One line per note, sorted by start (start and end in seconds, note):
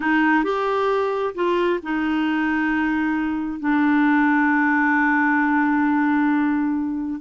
0.00 0.44 D#4
0.44 1.34 G4
1.34 1.79 F4
1.82 3.59 D#4
3.59 7.20 D4